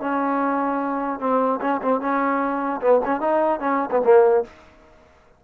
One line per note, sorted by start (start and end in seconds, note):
0.00 1.19 C#4
1.19 1.59 C4
1.61 1.81 C#4
1.82 2.00 C4
2.00 2.80 C#4
2.81 3.01 B3
3.05 3.20 C#4
3.20 3.60 D#4
3.60 3.90 C#4
3.91 4.01 B3
4.04 4.44 A#3